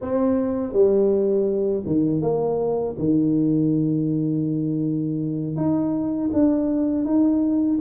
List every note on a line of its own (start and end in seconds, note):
0.01 0.72 C4
0.72 1.83 G3
1.86 2.21 D#3
2.21 2.95 A#3
2.98 5.56 D#3
5.56 6.30 D#4
6.33 7.04 D4
7.04 7.78 D#4